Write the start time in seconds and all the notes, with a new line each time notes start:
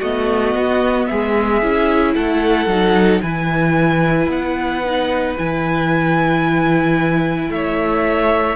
0.00 A3 B3 F#4 D#5
0.54 B3
1.07 G#3 G#4 E5
1.62 C#4 E4
2.14 A3 A4 F#5
2.66 F#3 D#4
3.22 E3 E4 B4 G#5
4.27 B3 F#5
4.84 D#4
5.37 E3 E4 G#5
7.49 A3 C#5 E5